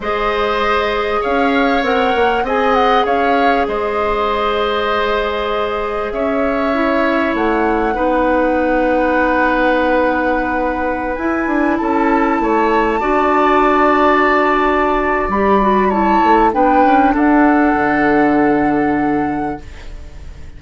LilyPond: <<
  \new Staff \with { instrumentName = "flute" } { \time 4/4 \tempo 4 = 98 dis''2 f''4 fis''4 | gis''8 fis''8 f''4 dis''2~ | dis''2 e''2 | fis''1~ |
fis''2~ fis''16 gis''4 a''8.~ | a''1~ | a''4 b''4 a''4 g''4 | fis''1 | }
  \new Staff \with { instrumentName = "oboe" } { \time 4/4 c''2 cis''2 | dis''4 cis''4 c''2~ | c''2 cis''2~ | cis''4 b'2.~ |
b'2.~ b'16 a'8.~ | a'16 cis''4 d''2~ d''8.~ | d''2 cis''4 b'4 | a'1 | }
  \new Staff \with { instrumentName = "clarinet" } { \time 4/4 gis'2. ais'4 | gis'1~ | gis'2. e'4~ | e'4 dis'2.~ |
dis'2~ dis'16 e'4.~ e'16~ | e'4~ e'16 fis'2~ fis'8.~ | fis'4 g'8 fis'8 e'4 d'4~ | d'1 | }
  \new Staff \with { instrumentName = "bassoon" } { \time 4/4 gis2 cis'4 c'8 ais8 | c'4 cis'4 gis2~ | gis2 cis'2 | a4 b2.~ |
b2~ b16 e'8 d'8 cis'8.~ | cis'16 a4 d'2~ d'8.~ | d'4 g4. a8 b8 cis'8 | d'4 d2. | }
>>